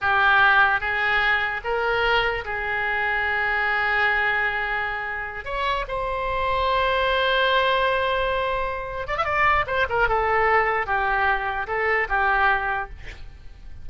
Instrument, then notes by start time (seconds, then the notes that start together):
oboe
0.01 G4
0.80 G#4
1.63 A#4
2.44 G#4
5.45 C#5
5.88 C5
9.07 D5
9.17 E5
9.25 D5
9.66 C5
9.89 A#4
10.08 A4
10.86 G4
11.67 A4
12.09 G4